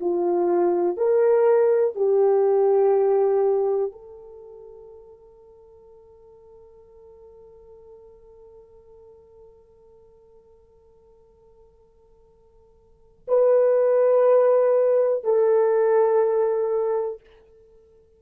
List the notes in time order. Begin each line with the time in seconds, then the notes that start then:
0.00 F4
0.97 A#4
1.95 G4
3.92 A4
13.27 B4
15.24 A4